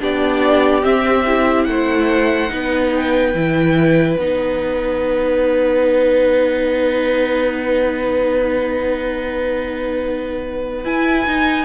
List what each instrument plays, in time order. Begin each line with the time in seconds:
0.00 cello B3, viola D4, violin G4 D5
0.82 viola C4, cello C4, violin E5
1.26 viola E4
1.64 cello A3, violin C5 F#5
2.49 cello B3, viola D#4, violin B4
2.95 violin G5
3.34 cello E3, viola E4
4.18 cello B3, viola D#4, violin F#5
10.84 cello E4, viola E4, violin G#5
11.26 cello D#4, viola D#4